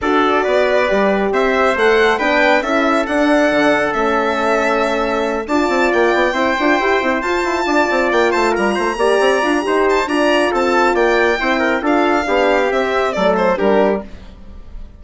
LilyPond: <<
  \new Staff \with { instrumentName = "violin" } { \time 4/4 \tempo 4 = 137 d''2. e''4 | fis''4 g''4 e''4 fis''4~ | fis''4 e''2.~ | e''8 a''4 g''2~ g''8~ |
g''8 a''2 g''8 a''8 ais''8~ | ais''2~ ais''8 a''8 ais''4 | a''4 g''2 f''4~ | f''4 e''4 d''8 c''8 ais'4 | }
  \new Staff \with { instrumentName = "trumpet" } { \time 4/4 a'4 b'2 c''4~ | c''4 b'4 a'2~ | a'1~ | a'8 d''2 c''4.~ |
c''4. d''4. c''8 ais'8 | c''8 d''4. c''4 d''4 | a'4 d''4 c''8 ais'8 a'4 | g'2 a'4 g'4 | }
  \new Staff \with { instrumentName = "horn" } { \time 4/4 fis'2 g'2 | a'4 d'4 e'4 d'4~ | d'4 cis'2.~ | cis'8 f'2 e'8 f'8 g'8 |
e'8 f'2.~ f'8~ | f'8 g'4 f'8 g'4 f'4~ | f'2 e'4 f'4 | d'4 c'4 a4 d'4 | }
  \new Staff \with { instrumentName = "bassoon" } { \time 4/4 d'4 b4 g4 c'4 | a4 b4 cis'4 d'4 | d4 a2.~ | a8 d'8 c'8 ais8 b8 c'8 d'8 e'8 |
c'8 f'8 e'8 d'8 c'8 ais8 a8 g8 | a8 ais8 c'8 d'8 dis'4 d'4 | c'4 ais4 c'4 d'4 | b4 c'4 fis4 g4 | }
>>